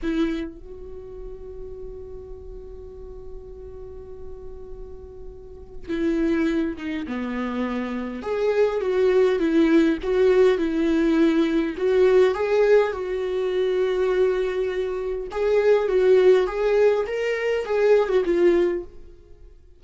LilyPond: \new Staff \with { instrumentName = "viola" } { \time 4/4 \tempo 4 = 102 e'4 fis'2.~ | fis'1~ | fis'2 e'4. dis'8 | b2 gis'4 fis'4 |
e'4 fis'4 e'2 | fis'4 gis'4 fis'2~ | fis'2 gis'4 fis'4 | gis'4 ais'4 gis'8. fis'16 f'4 | }